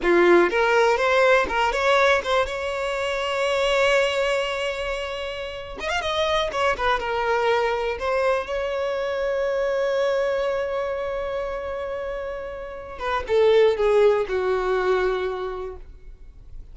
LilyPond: \new Staff \with { instrumentName = "violin" } { \time 4/4 \tempo 4 = 122 f'4 ais'4 c''4 ais'8 cis''8~ | cis''8 c''8 cis''2.~ | cis''2.~ cis''8. dis''16 | f''16 dis''4 cis''8 b'8 ais'4.~ ais'16~ |
ais'16 c''4 cis''2~ cis''8.~ | cis''1~ | cis''2~ cis''8 b'8 a'4 | gis'4 fis'2. | }